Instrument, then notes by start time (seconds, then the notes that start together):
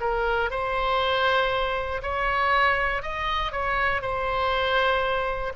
oboe
0.00 A#4
0.50 C5
2.02 C#5
3.02 D#5
3.52 C#5
4.01 C5